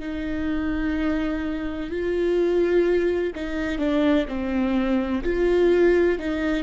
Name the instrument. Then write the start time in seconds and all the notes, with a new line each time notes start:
viola
0.00 D#4
1.91 F4
3.35 D#4
3.79 D4
4.29 C4
5.24 F4
6.19 D#4